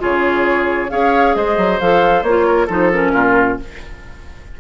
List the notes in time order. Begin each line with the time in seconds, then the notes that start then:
0.00 C#3 F4 G#4 C#5
0.90 C#4 G#4 C#5 F5
1.35 G#3 C5 D#5
1.58 F#3
1.81 F3 A4 F5
2.23 A#3 F4 C#5
2.47 A#4
2.67 F3 D#4 A4 C5
2.93 C#4 A#4
3.14 A#2 F4